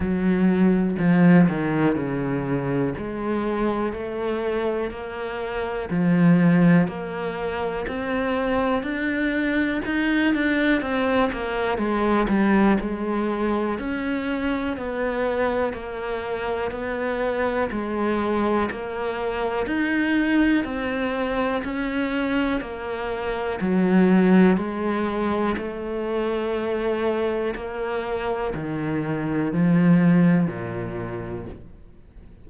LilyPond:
\new Staff \with { instrumentName = "cello" } { \time 4/4 \tempo 4 = 61 fis4 f8 dis8 cis4 gis4 | a4 ais4 f4 ais4 | c'4 d'4 dis'8 d'8 c'8 ais8 | gis8 g8 gis4 cis'4 b4 |
ais4 b4 gis4 ais4 | dis'4 c'4 cis'4 ais4 | fis4 gis4 a2 | ais4 dis4 f4 ais,4 | }